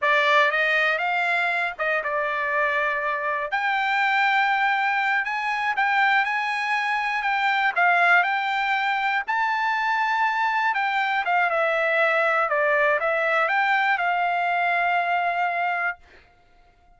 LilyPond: \new Staff \with { instrumentName = "trumpet" } { \time 4/4 \tempo 4 = 120 d''4 dis''4 f''4. dis''8 | d''2. g''4~ | g''2~ g''8 gis''4 g''8~ | g''8 gis''2 g''4 f''8~ |
f''8 g''2 a''4.~ | a''4. g''4 f''8 e''4~ | e''4 d''4 e''4 g''4 | f''1 | }